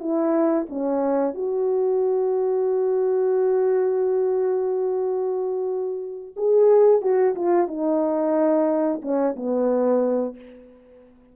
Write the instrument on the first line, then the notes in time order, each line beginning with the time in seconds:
horn
0.00 E4
0.69 C#4
1.35 F#4
6.37 G#4
7.02 F#4
7.35 F4
7.68 D#4
9.02 C#4
9.36 B3